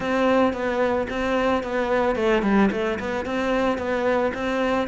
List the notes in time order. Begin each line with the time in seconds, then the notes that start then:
0.00 C4
0.53 B3
1.09 C4
1.63 B3
2.15 A3
2.42 G3
2.71 A3
2.99 B3
3.25 C4
3.77 B3
4.34 C4